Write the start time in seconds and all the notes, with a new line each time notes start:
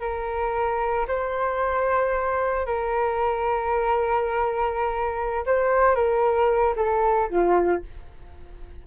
0.00 A#4
1.07 C5
2.66 A#4
5.46 C5
5.95 A#4
6.76 A4
7.29 F4